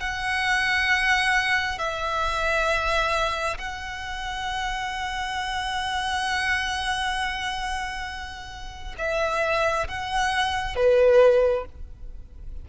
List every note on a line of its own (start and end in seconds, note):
0.00 1.79 F#5
1.79 3.58 E5
3.58 8.95 F#5
8.98 9.88 E5
9.88 10.76 F#5
10.76 11.65 B4